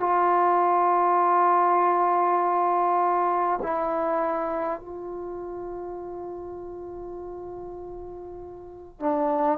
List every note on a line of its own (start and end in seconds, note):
0.00 3.60 F4
3.63 4.79 E4
4.79 8.99 F4
9.00 9.58 D4